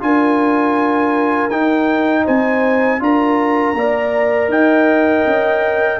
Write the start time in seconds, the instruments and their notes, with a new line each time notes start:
0.00 tuba D4, trombone F4, horn A#4, trumpet G#5
1.50 tuba D#4, trombone D#4, trumpet G5
2.24 tuba C4, horn C5, trumpet G#5
2.99 tuba D4, trombone F4, horn A#4, trumpet A#5
3.73 tuba A#3, trombone A#4, horn D5
4.48 tuba D#4, horn D#5, trumpet G5
5.26 tuba C#4